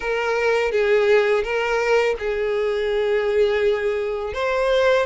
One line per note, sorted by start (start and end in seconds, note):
0.00 0.71 A#4
0.71 1.43 G#4
1.43 2.15 A#4
2.19 4.33 G#4
4.33 5.05 C5